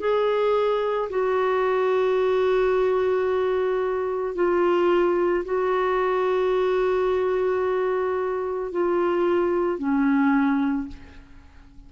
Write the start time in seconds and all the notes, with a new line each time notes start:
0.00 G#4
1.10 F#4
4.35 F4
5.45 F#4
8.72 F4
9.79 C#4